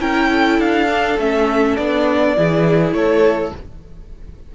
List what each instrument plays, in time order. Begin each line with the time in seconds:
0.00 cello C#4, viola E4, violin A#4 G5
0.30 violin A4
0.60 cello D4, violin F5
0.89 viola D4
1.19 cello A3, viola C#4, violin E5
1.77 cello B3, viola D4, violin D5
2.37 cello E3, viola E4, violin G#4
2.93 cello A3, violin A4 C#5